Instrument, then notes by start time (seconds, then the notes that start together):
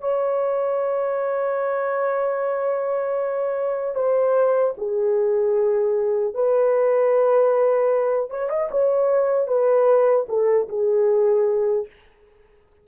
horn
0.00 C#5
3.95 C5
4.77 G#4
6.34 B4
8.30 C#5
8.49 D#5
8.71 C#5
9.47 B4
10.28 A4
10.69 G#4